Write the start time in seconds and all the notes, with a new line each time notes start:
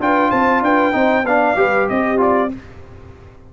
0.00 D4 F4 B4 G5
0.29 C4 C5 A5
0.62 D4 B4 G5
0.92 C4 D#4 C5
1.24 B3 D4 D5 F5
1.56 G3 G4 B4
1.89 C4 G4 D#5
2.17 F4 D5